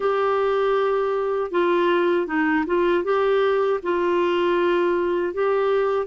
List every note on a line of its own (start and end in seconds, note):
0.00 1.51 G4
1.51 2.26 F4
2.26 2.64 D#4
2.66 3.04 F4
3.04 3.80 G4
3.83 5.33 F4
5.33 6.06 G4